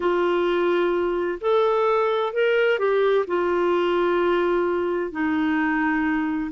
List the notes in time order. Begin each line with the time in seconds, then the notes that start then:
0.00 F4
1.40 A4
2.33 A#4
2.78 G4
3.27 F4
5.11 D#4